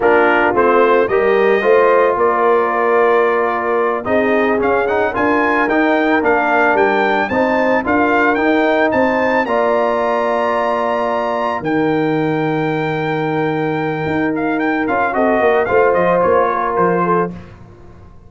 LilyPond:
<<
  \new Staff \with { instrumentName = "trumpet" } { \time 4/4 \tempo 4 = 111 ais'4 c''4 dis''2 | d''2.~ d''8 dis''8~ | dis''8 f''8 fis''8 gis''4 g''4 f''8~ | f''8 g''4 a''4 f''4 g''8~ |
g''8 a''4 ais''2~ ais''8~ | ais''4. g''2~ g''8~ | g''2~ g''8 f''8 g''8 f''8 | dis''4 f''8 dis''8 cis''4 c''4 | }
  \new Staff \with { instrumentName = "horn" } { \time 4/4 f'2 ais'4 c''4 | ais'2.~ ais'8 gis'8~ | gis'4. ais'2~ ais'8~ | ais'4. c''4 ais'4.~ |
ais'8 c''4 d''2~ d''8~ | d''4. ais'2~ ais'8~ | ais'1 | a'8 ais'8 c''4. ais'4 a'8 | }
  \new Staff \with { instrumentName = "trombone" } { \time 4/4 d'4 c'4 g'4 f'4~ | f'2.~ f'8 dis'8~ | dis'8 cis'8 dis'8 f'4 dis'4 d'8~ | d'4. dis'4 f'4 dis'8~ |
dis'4. f'2~ f'8~ | f'4. dis'2~ dis'8~ | dis'2.~ dis'8 f'8 | fis'4 f'2. | }
  \new Staff \with { instrumentName = "tuba" } { \time 4/4 ais4 a4 g4 a4 | ais2.~ ais8 c'8~ | c'8 cis'4 d'4 dis'4 ais8~ | ais8 g4 c'4 d'4 dis'8~ |
dis'8 c'4 ais2~ ais8~ | ais4. dis2~ dis8~ | dis2 dis'4. cis'8 | c'8 ais8 a8 f8 ais4 f4 | }
>>